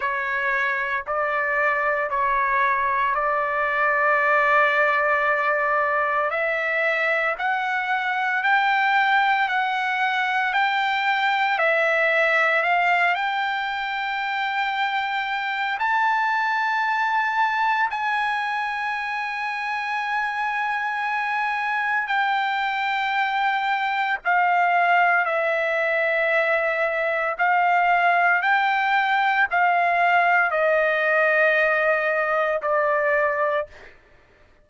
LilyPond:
\new Staff \with { instrumentName = "trumpet" } { \time 4/4 \tempo 4 = 57 cis''4 d''4 cis''4 d''4~ | d''2 e''4 fis''4 | g''4 fis''4 g''4 e''4 | f''8 g''2~ g''8 a''4~ |
a''4 gis''2.~ | gis''4 g''2 f''4 | e''2 f''4 g''4 | f''4 dis''2 d''4 | }